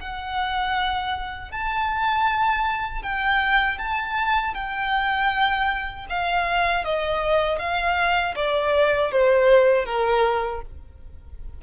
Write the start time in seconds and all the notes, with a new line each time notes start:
0.00 F#5
1.52 A5
3.03 G5
3.79 A5
4.55 G5
6.10 F5
6.85 D#5
7.59 F5
8.36 D5
9.12 C5
9.86 A#4